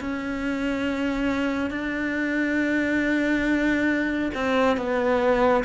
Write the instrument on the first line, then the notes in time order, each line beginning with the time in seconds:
cello
0.00 C#4
1.70 D4
4.34 C4
4.77 B3